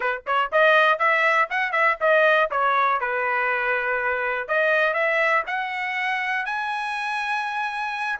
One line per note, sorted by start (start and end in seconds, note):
0.00 0.22 B4
0.26 0.51 C#5
0.52 0.98 D#5
0.98 1.48 E5
1.50 1.72 F#5
1.72 1.97 E5
2.00 2.50 D#5
2.50 3.00 C#5
3.00 4.47 B4
4.47 4.93 D#5
4.93 5.43 E5
5.47 6.45 F#5
6.45 8.19 G#5